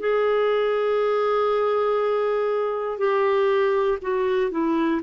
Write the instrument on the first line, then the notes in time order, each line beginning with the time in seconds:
clarinet
0.00 G#4
2.98 G4
4.02 F#4
4.51 E4